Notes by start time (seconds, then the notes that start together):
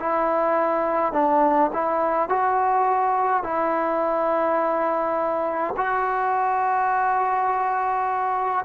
0.00 E4
1.13 D4
1.73 E4
2.29 F#4
3.44 E4
5.76 F#4